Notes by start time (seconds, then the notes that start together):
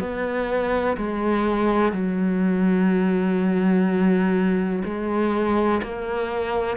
0.00 B3
0.97 G#3
1.92 F#3
4.85 G#3
5.82 A#3